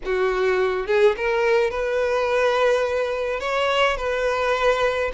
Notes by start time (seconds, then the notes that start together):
0.05 F#4
0.86 G#4
1.16 A#4
1.70 B4
3.39 C#5
3.96 B4